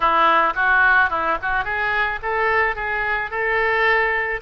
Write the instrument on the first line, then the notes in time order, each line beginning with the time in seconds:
oboe
0.00 E4
0.55 F#4
1.10 E4
1.42 F#4
1.64 G#4
2.22 A4
2.75 G#4
3.30 A4